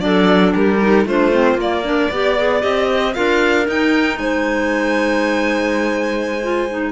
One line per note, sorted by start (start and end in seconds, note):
0.00 0.54 F#3
0.00 0.78 D4
0.00 0.56 A4
0.00 0.53 D5
0.55 1.06 G3
0.55 1.05 G4
0.55 1.07 A#4
0.81 1.07 D#4
1.05 1.55 A3
1.05 1.32 D4
1.05 1.83 F4
1.05 1.60 C5
1.32 1.58 C4
1.55 2.07 A#3
1.55 1.84 A#3
1.61 2.62 D5
1.84 2.11 D4
1.84 2.11 A#4
2.11 2.63 B3
2.11 2.38 G4
2.11 2.89 D5
2.38 2.61 G#4
2.61 3.16 C4
2.61 3.13 G4
2.61 3.14 D#5
2.91 3.16 C5
3.14 3.68 D4
3.14 3.66 F4
3.14 4.20 A#4
3.14 3.66 F5
3.66 6.40 D#4
3.66 4.18 D#4
3.66 4.18 G5
4.18 6.92 G#3
4.18 6.92 C5
4.18 6.92 G#5
6.43 6.69 F4
6.70 6.92 D#4